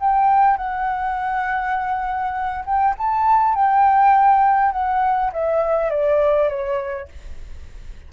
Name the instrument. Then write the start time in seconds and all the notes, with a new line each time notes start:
flute
0.00 G5
0.57 F#5
2.65 G5
2.98 A5
3.55 G5
4.72 F#5
5.33 E5
5.90 D5
6.49 C#5